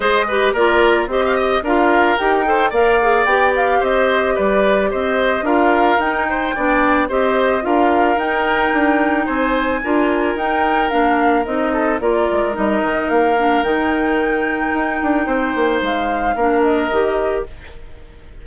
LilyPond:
<<
  \new Staff \with { instrumentName = "flute" } { \time 4/4 \tempo 4 = 110 dis''4 d''4 dis''4 f''4 | g''4 f''4 g''8 f''8 dis''4 | d''4 dis''4 f''4 g''4~ | g''4 dis''4 f''4 g''4~ |
g''4 gis''2 g''4 | f''4 dis''4 d''4 dis''4 | f''4 g''2.~ | g''4 f''4. dis''4. | }
  \new Staff \with { instrumentName = "oboe" } { \time 4/4 c''8 b'8 ais'4 c''16 f''16 dis''8 ais'4~ | ais'8 c''8 d''2 c''4 | b'4 c''4 ais'4. c''8 | d''4 c''4 ais'2~ |
ais'4 c''4 ais'2~ | ais'4. a'8 ais'2~ | ais'1 | c''2 ais'2 | }
  \new Staff \with { instrumentName = "clarinet" } { \time 4/4 gis'8 g'8 f'4 g'4 f'4 | g'8 a'8 ais'8 gis'8 g'2~ | g'2 f'4 dis'4 | d'4 g'4 f'4 dis'4~ |
dis'2 f'4 dis'4 | d'4 dis'4 f'4 dis'4~ | dis'8 d'8 dis'2.~ | dis'2 d'4 g'4 | }
  \new Staff \with { instrumentName = "bassoon" } { \time 4/4 gis4 ais4 c'4 d'4 | dis'4 ais4 b4 c'4 | g4 c'4 d'4 dis'4 | b4 c'4 d'4 dis'4 |
d'4 c'4 d'4 dis'4 | ais4 c'4 ais8 gis8 g8 dis8 | ais4 dis2 dis'8 d'8 | c'8 ais8 gis4 ais4 dis4 | }
>>